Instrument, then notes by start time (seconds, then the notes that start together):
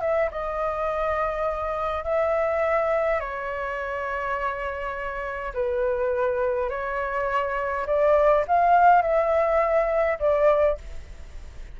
flute
0.00 E5
0.31 D#5
2.04 E5
3.20 C#5
5.54 B4
6.69 C#5
7.86 D5
8.47 F5
9.02 E5
10.19 D5